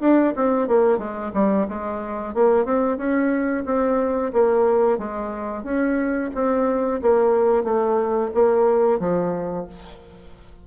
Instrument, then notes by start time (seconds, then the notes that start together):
bassoon
0.00 D4
0.35 C4
0.67 A#3
0.98 G#3
1.33 G3
1.68 G#3
2.34 A#3
2.65 C4
2.97 C#4
3.65 C4
4.33 A#3
4.98 G#3
5.63 C#4
6.34 C4
7.02 A#3
7.64 A3
8.34 A#3
8.99 F3